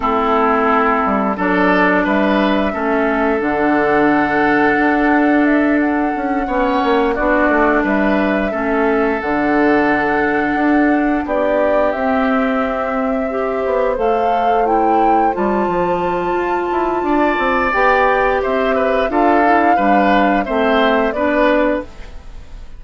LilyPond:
<<
  \new Staff \with { instrumentName = "flute" } { \time 4/4 \tempo 4 = 88 a'2 d''4 e''4~ | e''4 fis''2. | e''8 fis''2 d''4 e''8~ | e''4. fis''2~ fis''8~ |
fis''8 d''4 e''2~ e''8~ | e''8 f''4 g''4 a''4.~ | a''2 g''4 e''4 | f''2 e''4 d''4 | }
  \new Staff \with { instrumentName = "oboe" } { \time 4/4 e'2 a'4 b'4 | a'1~ | a'4. cis''4 fis'4 b'8~ | b'8 a'2.~ a'8~ |
a'8 g'2. c''8~ | c''1~ | c''4 d''2 c''8 b'8 | a'4 b'4 c''4 b'4 | }
  \new Staff \with { instrumentName = "clarinet" } { \time 4/4 c'2 d'2 | cis'4 d'2.~ | d'4. cis'4 d'4.~ | d'8 cis'4 d'2~ d'8~ |
d'4. c'2 g'8~ | g'8 a'4 e'4 f'4.~ | f'2 g'2 | f'8 e'8 d'4 c'4 d'4 | }
  \new Staff \with { instrumentName = "bassoon" } { \time 4/4 a4. g8 fis4 g4 | a4 d2 d'4~ | d'4 cis'8 b8 ais8 b8 a8 g8~ | g8 a4 d2 d'8~ |
d'8 b4 c'2~ c'8 | b8 a2 g8 f4 | f'8 e'8 d'8 c'8 b4 c'4 | d'4 g4 a4 b4 | }
>>